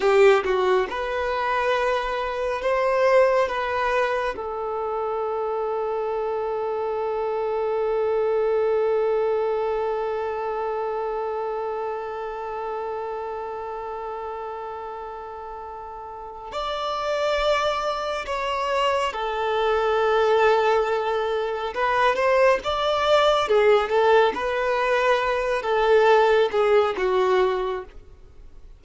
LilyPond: \new Staff \with { instrumentName = "violin" } { \time 4/4 \tempo 4 = 69 g'8 fis'8 b'2 c''4 | b'4 a'2.~ | a'1~ | a'1~ |
a'2. d''4~ | d''4 cis''4 a'2~ | a'4 b'8 c''8 d''4 gis'8 a'8 | b'4. a'4 gis'8 fis'4 | }